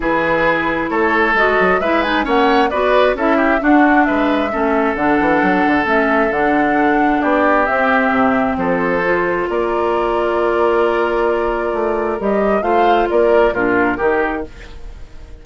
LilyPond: <<
  \new Staff \with { instrumentName = "flute" } { \time 4/4 \tempo 4 = 133 b'2 cis''4 dis''4 | e''8 gis''8 fis''4 d''4 e''4 | fis''4 e''2 fis''4~ | fis''4 e''4 fis''2 |
d''4 e''2 c''4~ | c''4 d''2.~ | d''2. dis''4 | f''4 d''4 ais'2 | }
  \new Staff \with { instrumentName = "oboe" } { \time 4/4 gis'2 a'2 | b'4 cis''4 b'4 a'8 g'8 | fis'4 b'4 a'2~ | a'1 |
g'2. a'4~ | a'4 ais'2.~ | ais'1 | c''4 ais'4 f'4 g'4 | }
  \new Staff \with { instrumentName = "clarinet" } { \time 4/4 e'2. fis'4 | e'8 dis'8 cis'4 fis'4 e'4 | d'2 cis'4 d'4~ | d'4 cis'4 d'2~ |
d'4 c'2. | f'1~ | f'2. g'4 | f'2 d'4 dis'4 | }
  \new Staff \with { instrumentName = "bassoon" } { \time 4/4 e2 a4 gis8 fis8 | gis4 ais4 b4 cis'4 | d'4 gis4 a4 d8 e8 | fis8 d8 a4 d2 |
b4 c'4 c4 f4~ | f4 ais2.~ | ais2 a4 g4 | a4 ais4 ais,4 dis4 | }
>>